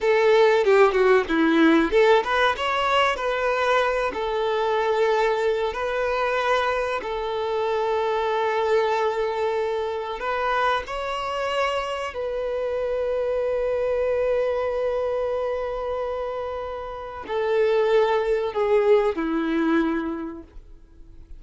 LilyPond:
\new Staff \with { instrumentName = "violin" } { \time 4/4 \tempo 4 = 94 a'4 g'8 fis'8 e'4 a'8 b'8 | cis''4 b'4. a'4.~ | a'4 b'2 a'4~ | a'1 |
b'4 cis''2 b'4~ | b'1~ | b'2. a'4~ | a'4 gis'4 e'2 | }